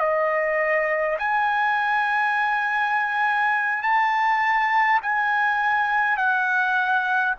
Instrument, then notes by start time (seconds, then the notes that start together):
trumpet
0.00 D#5
1.19 G#5
3.83 A5
5.03 G#5
6.18 F#5